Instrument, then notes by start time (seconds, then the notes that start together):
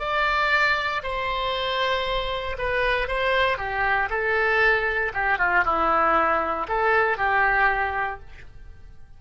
oboe
0.00 D5
1.03 C5
2.59 B4
3.08 C5
3.58 G4
4.10 A4
5.14 G4
5.39 F4
5.65 E4
6.69 A4
7.18 G4